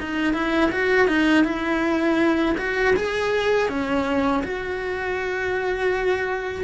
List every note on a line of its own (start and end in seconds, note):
0.00 0.34 D#4
0.34 0.71 E4
0.72 1.07 F#4
1.07 1.44 D#4
1.44 2.56 E4
2.58 2.95 F#4
2.96 3.69 G#4
3.69 4.43 C#4
4.43 6.64 F#4